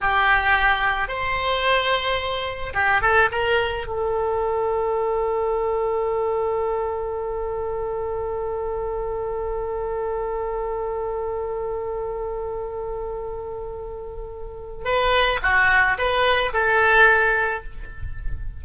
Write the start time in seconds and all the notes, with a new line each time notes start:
0.01 G4
1.08 C5
2.74 G4
3.01 A4
3.31 A#4
3.87 A4
14.84 B4
15.42 F#4
15.98 B4
16.53 A4